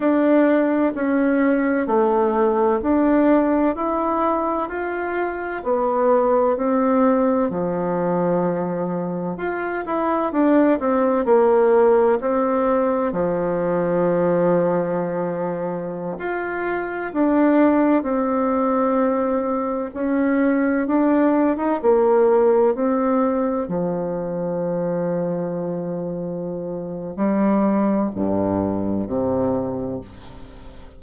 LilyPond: \new Staff \with { instrumentName = "bassoon" } { \time 4/4 \tempo 4 = 64 d'4 cis'4 a4 d'4 | e'4 f'4 b4 c'4 | f2 f'8 e'8 d'8 c'8 | ais4 c'4 f2~ |
f4~ f16 f'4 d'4 c'8.~ | c'4~ c'16 cis'4 d'8. dis'16 ais8.~ | ais16 c'4 f2~ f8.~ | f4 g4 g,4 c4 | }